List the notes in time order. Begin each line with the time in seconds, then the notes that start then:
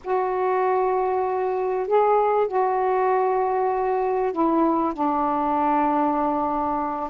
0.04 F#4
1.87 G#4
2.47 F#4
4.32 E4
4.93 D4